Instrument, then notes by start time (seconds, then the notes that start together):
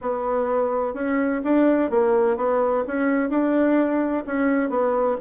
bassoon
0.01 B3
0.94 C#4
1.44 D4
1.90 A#3
2.36 B3
2.87 C#4
3.29 D4
4.26 C#4
4.69 B3